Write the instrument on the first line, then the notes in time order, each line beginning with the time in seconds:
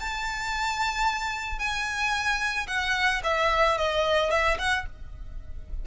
violin
0.00 A5
1.58 G#5
2.67 F#5
3.24 E5
3.77 D#5
4.30 E5
4.58 F#5